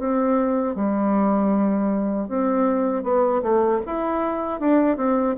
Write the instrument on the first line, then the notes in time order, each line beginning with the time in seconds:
bassoon
0.00 C4
0.76 G3
2.29 C4
3.04 B3
3.43 A3
3.87 E4
4.60 D4
4.98 C4